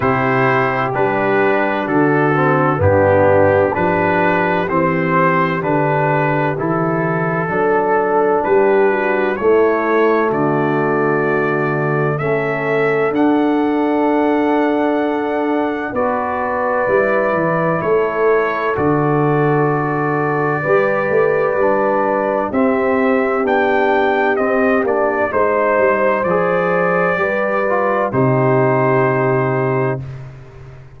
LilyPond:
<<
  \new Staff \with { instrumentName = "trumpet" } { \time 4/4 \tempo 4 = 64 c''4 b'4 a'4 g'4 | b'4 c''4 b'4 a'4~ | a'4 b'4 cis''4 d''4~ | d''4 e''4 fis''2~ |
fis''4 d''2 cis''4 | d''1 | e''4 g''4 dis''8 d''8 c''4 | d''2 c''2 | }
  \new Staff \with { instrumentName = "horn" } { \time 4/4 g'2 fis'4 d'4 | g'1 | a'4 g'8 fis'8 e'4 fis'4~ | fis'4 a'2.~ |
a'4 b'2 a'4~ | a'2 b'2 | g'2. c''4~ | c''4 b'4 g'2 | }
  \new Staff \with { instrumentName = "trombone" } { \time 4/4 e'4 d'4. c'8 b4 | d'4 c'4 d'4 e'4 | d'2 a2~ | a4 cis'4 d'2~ |
d'4 fis'4 e'2 | fis'2 g'4 d'4 | c'4 d'4 c'8 d'8 dis'4 | gis'4 g'8 f'8 dis'2 | }
  \new Staff \with { instrumentName = "tuba" } { \time 4/4 c4 g4 d4 g,4 | f4 e4 d4 e4 | fis4 g4 a4 d4~ | d4 a4 d'2~ |
d'4 b4 g8 e8 a4 | d2 g8 a8 g4 | c'4 b4 c'8 ais8 gis8 g8 | f4 g4 c2 | }
>>